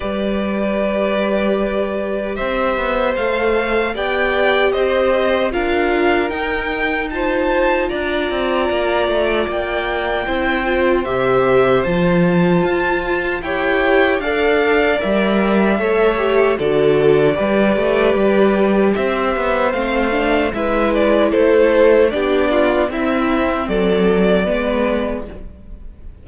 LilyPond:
<<
  \new Staff \with { instrumentName = "violin" } { \time 4/4 \tempo 4 = 76 d''2. e''4 | f''4 g''4 dis''4 f''4 | g''4 a''4 ais''2 | g''2 e''4 a''4~ |
a''4 g''4 f''4 e''4~ | e''4 d''2. | e''4 f''4 e''8 d''8 c''4 | d''4 e''4 d''2 | }
  \new Staff \with { instrumentName = "violin" } { \time 4/4 b'2. c''4~ | c''4 d''4 c''4 ais'4~ | ais'4 c''4 d''2~ | d''4 c''2.~ |
c''4 cis''4 d''2 | cis''4 a'4 b'2 | c''2 b'4 a'4 | g'8 f'8 e'4 a'4 b'4 | }
  \new Staff \with { instrumentName = "viola" } { \time 4/4 g'1 | a'4 g'2 f'4 | dis'4 f'2.~ | f'4 e'8 f'8 g'4 f'4~ |
f'4 g'4 a'4 ais'4 | a'8 g'8 fis'4 g'2~ | g'4 c'8 d'8 e'2 | d'4 c'2 b4 | }
  \new Staff \with { instrumentName = "cello" } { \time 4/4 g2. c'8 b8 | a4 b4 c'4 d'4 | dis'2 d'8 c'8 ais8 a8 | ais4 c'4 c4 f4 |
f'4 e'4 d'4 g4 | a4 d4 g8 a8 g4 | c'8 b8 a4 gis4 a4 | b4 c'4 fis4 gis4 | }
>>